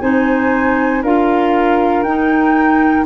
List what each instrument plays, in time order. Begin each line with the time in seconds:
0.00 tuba C4, clarinet D#4, flute C5 G#5
1.02 tuba D4, clarinet F4, flute A#4 F5
2.03 tuba D#4, clarinet D#4, flute G5